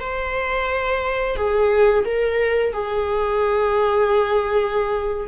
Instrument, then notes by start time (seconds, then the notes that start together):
viola
0.00 C5
1.36 G#4
2.05 A#4
2.73 G#4